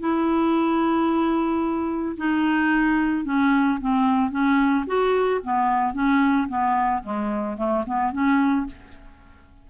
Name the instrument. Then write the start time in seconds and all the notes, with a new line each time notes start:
clarinet
0.00 E4
2.17 D#4
3.25 C#4
3.81 C4
4.31 C#4
4.87 F#4
5.43 B3
5.94 C#4
6.48 B3
7.03 G#3
7.57 A3
7.86 B3
8.13 C#4